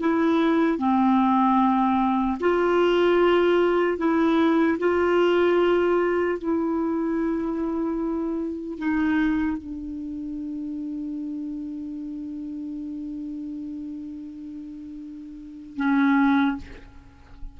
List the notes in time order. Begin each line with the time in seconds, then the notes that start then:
0.00 E4
0.78 C4
2.40 F4
3.97 E4
4.78 F4
6.39 E4
8.78 D#4
9.57 D4
15.77 C#4